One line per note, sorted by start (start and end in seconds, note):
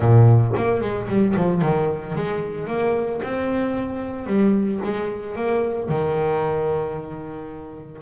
0.00 0.52 A#2
0.56 0.80 A#3
0.80 1.07 G#3
1.08 1.34 G3
1.36 1.61 F3
1.61 2.15 D#3
2.15 2.67 G#3
2.67 3.20 A#3
3.23 4.26 C4
4.26 4.80 G3
4.84 5.35 G#3
5.35 5.88 A#3
5.88 8.01 D#3